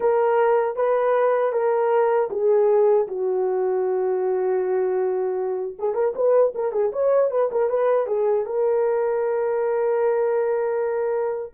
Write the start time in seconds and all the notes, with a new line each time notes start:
0.00 A#4
0.76 B4
1.52 A#4
2.30 G#4
3.07 F#4
5.78 G#4
5.94 A#4
6.15 B4
6.55 A#4
6.72 G#4
6.92 C#5
7.30 B4
7.51 A#4
7.69 B4
8.07 G#4
8.45 A#4